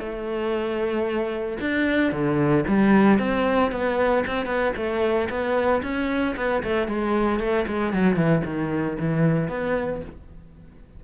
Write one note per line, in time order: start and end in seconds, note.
0.00 1.58 A3
1.61 2.12 D4
2.12 2.65 D3
2.68 3.19 G3
3.19 3.72 C4
3.72 4.24 B3
4.27 4.46 C4
4.46 4.73 B3
4.77 5.29 A3
5.30 5.82 B3
5.83 6.36 C#4
6.37 6.63 B3
6.63 6.88 A3
6.88 7.40 G#3
7.40 7.66 A3
7.67 7.94 G#3
7.94 8.16 F#3
8.16 8.42 E3
8.45 8.98 D#3
8.99 9.49 E3
9.49 10.01 B3